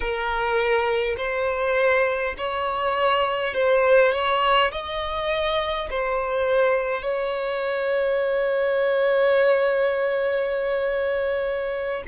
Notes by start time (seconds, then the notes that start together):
0.00 A#4
1.17 C5
2.37 C#5
3.53 C5
4.12 C#5
4.71 D#5
5.89 C5
7.02 C#5